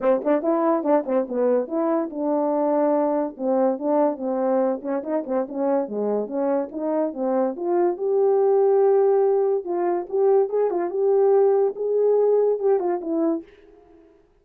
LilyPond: \new Staff \with { instrumentName = "horn" } { \time 4/4 \tempo 4 = 143 c'8 d'8 e'4 d'8 c'8 b4 | e'4 d'2. | c'4 d'4 c'4. cis'8 | dis'8 c'8 cis'4 gis4 cis'4 |
dis'4 c'4 f'4 g'4~ | g'2. f'4 | g'4 gis'8 f'8 g'2 | gis'2 g'8 f'8 e'4 | }